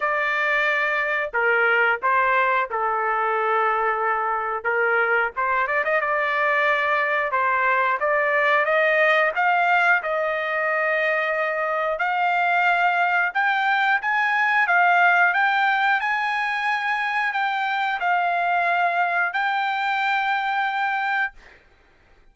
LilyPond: \new Staff \with { instrumentName = "trumpet" } { \time 4/4 \tempo 4 = 90 d''2 ais'4 c''4 | a'2. ais'4 | c''8 d''16 dis''16 d''2 c''4 | d''4 dis''4 f''4 dis''4~ |
dis''2 f''2 | g''4 gis''4 f''4 g''4 | gis''2 g''4 f''4~ | f''4 g''2. | }